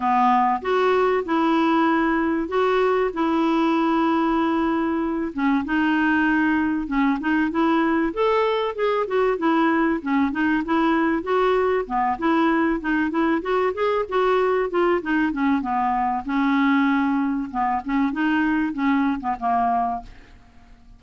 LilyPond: \new Staff \with { instrumentName = "clarinet" } { \time 4/4 \tempo 4 = 96 b4 fis'4 e'2 | fis'4 e'2.~ | e'8 cis'8 dis'2 cis'8 dis'8 | e'4 a'4 gis'8 fis'8 e'4 |
cis'8 dis'8 e'4 fis'4 b8 e'8~ | e'8 dis'8 e'8 fis'8 gis'8 fis'4 f'8 | dis'8 cis'8 b4 cis'2 | b8 cis'8 dis'4 cis'8. b16 ais4 | }